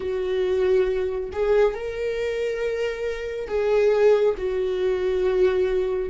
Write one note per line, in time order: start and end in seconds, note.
0.00 1.30 F#4
1.32 1.74 G#4
1.74 3.47 A#4
3.47 4.34 G#4
4.37 6.09 F#4